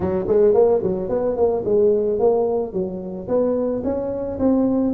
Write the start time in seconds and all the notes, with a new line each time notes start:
0.00 F#3
0.27 G#3
0.54 A#3
0.83 F#3
1.09 B3
1.36 A#3
1.64 G#3
2.19 A#3
2.72 F#3
3.28 B3
3.84 C#4
4.39 C4